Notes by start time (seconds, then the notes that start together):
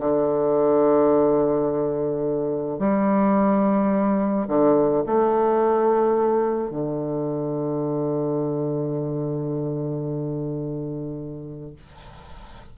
0.00 D3
2.79 G3
4.48 D3
5.06 A3
6.71 D3